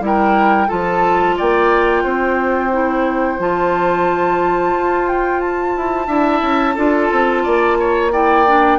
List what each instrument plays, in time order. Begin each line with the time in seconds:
0.00 bassoon G3, clarinet E4, oboe A#4
0.06 flute G5
0.68 bassoon F3, clarinet F4, oboe A4, flute A5
1.37 bassoon A#3, oboe D5, flute G5
2.04 bassoon C4, oboe C5
2.72 clarinet E4
3.39 bassoon F3, clarinet F4, flute A5
4.74 bassoon F4
5.08 flute G5
5.41 flute A5
5.77 bassoon E4
6.07 bassoon D4, clarinet E4, oboe E5
6.42 bassoon C#4
6.75 bassoon D4, clarinet F4, oboe A4
7.12 bassoon C4
7.44 bassoon A#3, oboe D5
7.79 oboe C#5
8.12 clarinet E4, oboe D5, flute G5
8.47 clarinet D4